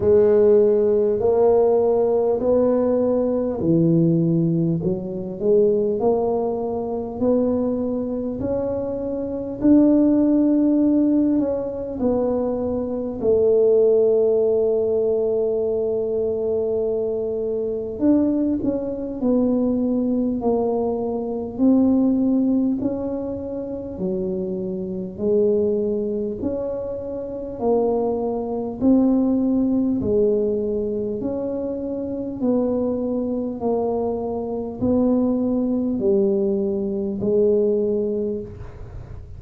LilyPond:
\new Staff \with { instrumentName = "tuba" } { \time 4/4 \tempo 4 = 50 gis4 ais4 b4 e4 | fis8 gis8 ais4 b4 cis'4 | d'4. cis'8 b4 a4~ | a2. d'8 cis'8 |
b4 ais4 c'4 cis'4 | fis4 gis4 cis'4 ais4 | c'4 gis4 cis'4 b4 | ais4 b4 g4 gis4 | }